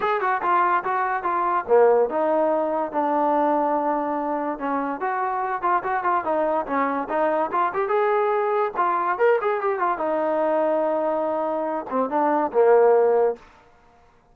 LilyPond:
\new Staff \with { instrumentName = "trombone" } { \time 4/4 \tempo 4 = 144 gis'8 fis'8 f'4 fis'4 f'4 | ais4 dis'2 d'4~ | d'2. cis'4 | fis'4. f'8 fis'8 f'8 dis'4 |
cis'4 dis'4 f'8 g'8 gis'4~ | gis'4 f'4 ais'8 gis'8 g'8 f'8 | dis'1~ | dis'8 c'8 d'4 ais2 | }